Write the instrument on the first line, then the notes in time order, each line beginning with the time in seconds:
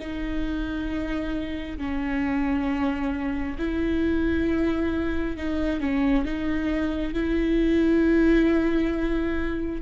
viola
0.00 D#4
1.78 C#4
3.59 E4
5.37 D#4
5.81 C#4
6.25 D#4
7.14 E4